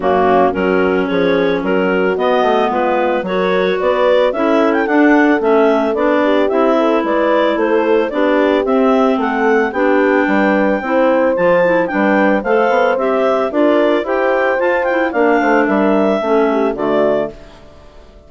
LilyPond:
<<
  \new Staff \with { instrumentName = "clarinet" } { \time 4/4 \tempo 4 = 111 fis'4 ais'4 cis''4 ais'4 | dis''4 b'4 cis''4 d''4 | e''8. g''16 fis''4 e''4 d''4 | e''4 d''4 c''4 d''4 |
e''4 fis''4 g''2~ | g''4 a''4 g''4 f''4 | e''4 d''4 g''4 a''8 g''8 | f''4 e''2 d''4 | }
  \new Staff \with { instrumentName = "horn" } { \time 4/4 cis'4 fis'4 gis'4 fis'4~ | fis'4 f'4 ais'4 b'4 | a'2.~ a'8 g'8~ | g'8 a'8 b'4 a'4 g'4~ |
g'4 a'4 g'4 b'4 | c''2 b'4 c''4~ | c''4 ais'4 c''2 | d''8 c''8 ais'4 a'8 g'8 fis'4 | }
  \new Staff \with { instrumentName = "clarinet" } { \time 4/4 ais4 cis'2. | b2 fis'2 | e'4 d'4 cis'4 d'4 | e'2. d'4 |
c'2 d'2 | e'4 f'8 e'8 d'4 a'4 | g'4 f'4 g'4 f'8 e'8 | d'2 cis'4 a4 | }
  \new Staff \with { instrumentName = "bassoon" } { \time 4/4 fis,4 fis4 f4 fis4 | b8 a8 gis4 fis4 b4 | cis'4 d'4 a4 b4 | c'4 gis4 a4 b4 |
c'4 a4 b4 g4 | c'4 f4 g4 a8 b8 | c'4 d'4 e'4 f'4 | ais8 a8 g4 a4 d4 | }
>>